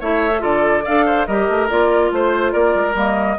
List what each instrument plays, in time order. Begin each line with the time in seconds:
0.00 bassoon A3, clarinet E4, oboe C#5, flute E5
0.31 clarinet A4
0.40 bassoon D3, clarinet F4, oboe A4, flute D5
0.84 bassoon D4, clarinet A4, oboe D5, flute F5
1.06 oboe C5
1.26 bassoon G3, clarinet G4, oboe A#4, flute D#5
1.49 bassoon A3
1.69 bassoon A#3, clarinet F4, flute D5
2.11 bassoon A3, flute C5, oboe C5
2.52 bassoon A#3, oboe A#4, flute D5
2.75 bassoon G#3
2.94 bassoon G3, clarinet A#3, flute D#5